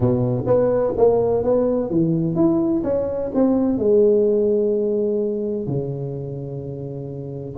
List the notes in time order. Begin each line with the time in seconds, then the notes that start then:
0.00 B2
0.46 B3
0.97 A#3
1.43 B3
1.90 E3
2.35 E4
2.83 C#4
3.34 C4
3.78 G#3
5.66 C#3